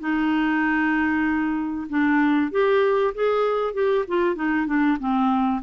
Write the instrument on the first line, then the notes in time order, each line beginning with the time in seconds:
clarinet
0.00 D#4
1.89 D4
2.51 G4
3.14 G#4
3.74 G4
4.08 F4
4.36 D#4
4.66 D4
4.99 C4